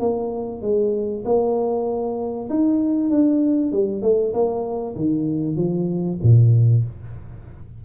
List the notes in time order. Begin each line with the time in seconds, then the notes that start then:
0.00 A#3
0.62 G#3
1.25 A#3
2.50 D#4
3.10 D4
3.73 G3
4.02 A3
4.34 A#3
4.96 D#3
5.56 F3
6.23 A#2